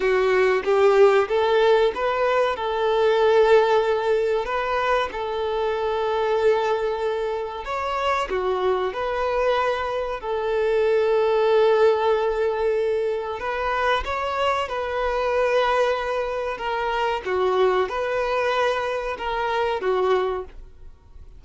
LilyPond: \new Staff \with { instrumentName = "violin" } { \time 4/4 \tempo 4 = 94 fis'4 g'4 a'4 b'4 | a'2. b'4 | a'1 | cis''4 fis'4 b'2 |
a'1~ | a'4 b'4 cis''4 b'4~ | b'2 ais'4 fis'4 | b'2 ais'4 fis'4 | }